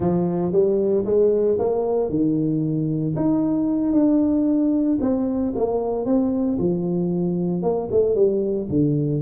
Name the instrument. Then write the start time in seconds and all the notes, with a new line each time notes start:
tuba
0.00 F3
0.52 G3
1.05 G#3
1.59 A#3
2.09 D#3
3.16 D#4
3.93 D4
5.00 C4
5.55 A#3
6.05 C4
6.58 F3
7.62 A#3
7.91 A3
8.15 G3
8.69 D3